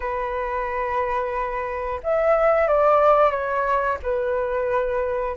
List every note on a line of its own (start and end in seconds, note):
0.00 2.00 B4
2.03 2.67 E5
2.67 3.30 D5
3.30 3.97 C#5
4.02 5.36 B4